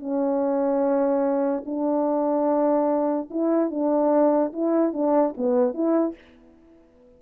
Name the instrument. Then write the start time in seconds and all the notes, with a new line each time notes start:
horn
0.00 C#4
1.66 D4
3.31 E4
3.71 D4
4.53 E4
4.94 D4
5.38 B3
5.74 E4